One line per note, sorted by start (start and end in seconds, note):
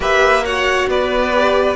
0.00 0.85 A#3
0.00 0.44 G4
0.00 0.43 B4
0.00 0.45 E5
0.44 1.32 F#4
0.44 0.89 C#5
0.44 0.89 F#5
0.88 1.76 B3
0.88 1.76 B4
0.88 1.76 D5
1.33 1.76 G4